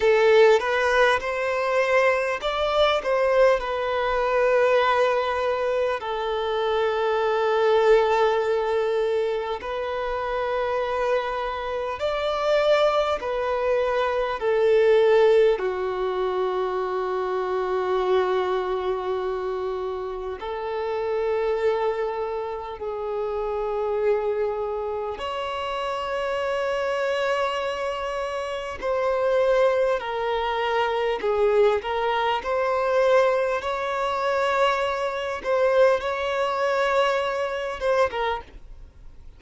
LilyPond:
\new Staff \with { instrumentName = "violin" } { \time 4/4 \tempo 4 = 50 a'8 b'8 c''4 d''8 c''8 b'4~ | b'4 a'2. | b'2 d''4 b'4 | a'4 fis'2.~ |
fis'4 a'2 gis'4~ | gis'4 cis''2. | c''4 ais'4 gis'8 ais'8 c''4 | cis''4. c''8 cis''4. c''16 ais'16 | }